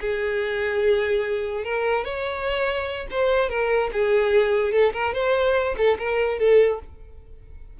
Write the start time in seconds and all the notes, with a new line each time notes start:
0.00 G#4
1.64 A#4
2.04 C#5
3.10 C5
3.49 A#4
3.92 G#4
4.72 A4
4.93 A#4
5.14 C5
5.77 A4
5.98 A#4
6.38 A4